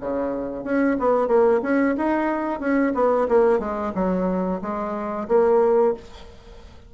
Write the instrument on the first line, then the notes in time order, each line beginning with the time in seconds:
bassoon
0.00 C#3
0.64 C#4
0.99 B3
1.27 A#3
1.62 C#4
1.97 D#4
2.60 C#4
2.94 B3
3.28 A#3
3.59 G#3
3.94 F#3
4.62 G#3
5.28 A#3